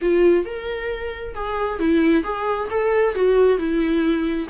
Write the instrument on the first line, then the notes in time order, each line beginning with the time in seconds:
viola
0.01 F4
0.45 A#4
1.35 G#4
1.79 E4
2.23 G#4
2.70 A4
3.14 F#4
3.57 E4